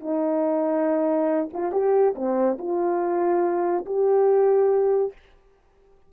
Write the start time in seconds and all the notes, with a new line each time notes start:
0.00 D#4
1.53 F4
1.72 G4
2.15 C4
2.58 F4
3.85 G4